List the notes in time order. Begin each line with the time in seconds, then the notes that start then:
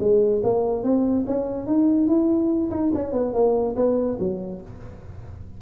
0.00 G#3
0.43 A#3
0.84 C4
1.27 C#4
1.67 D#4
2.07 E4
2.71 D#4
2.95 C#4
3.12 B3
3.34 A#3
3.76 B3
4.19 F#3